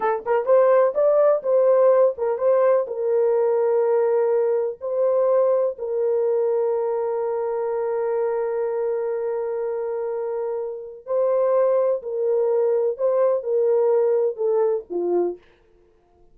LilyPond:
\new Staff \with { instrumentName = "horn" } { \time 4/4 \tempo 4 = 125 a'8 ais'8 c''4 d''4 c''4~ | c''8 ais'8 c''4 ais'2~ | ais'2 c''2 | ais'1~ |
ais'1~ | ais'2. c''4~ | c''4 ais'2 c''4 | ais'2 a'4 f'4 | }